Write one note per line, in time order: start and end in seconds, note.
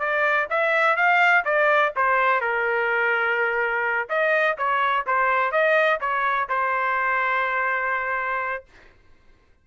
0.00 0.48 D5
0.51 0.97 E5
0.97 1.45 F5
1.45 1.93 D5
1.96 2.41 C5
2.41 4.09 A#4
4.10 4.58 D#5
4.58 5.06 C#5
5.07 5.52 C5
5.52 6.00 D#5
6.01 6.49 C#5
6.49 8.65 C5